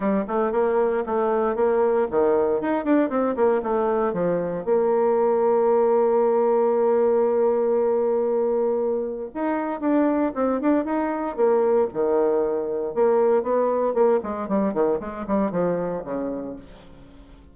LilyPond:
\new Staff \with { instrumentName = "bassoon" } { \time 4/4 \tempo 4 = 116 g8 a8 ais4 a4 ais4 | dis4 dis'8 d'8 c'8 ais8 a4 | f4 ais2.~ | ais1~ |
ais2 dis'4 d'4 | c'8 d'8 dis'4 ais4 dis4~ | dis4 ais4 b4 ais8 gis8 | g8 dis8 gis8 g8 f4 cis4 | }